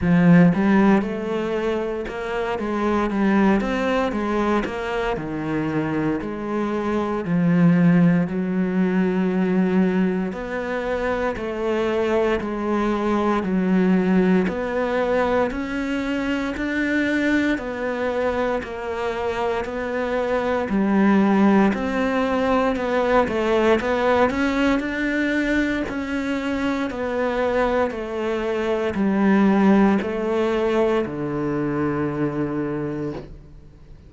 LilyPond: \new Staff \with { instrumentName = "cello" } { \time 4/4 \tempo 4 = 58 f8 g8 a4 ais8 gis8 g8 c'8 | gis8 ais8 dis4 gis4 f4 | fis2 b4 a4 | gis4 fis4 b4 cis'4 |
d'4 b4 ais4 b4 | g4 c'4 b8 a8 b8 cis'8 | d'4 cis'4 b4 a4 | g4 a4 d2 | }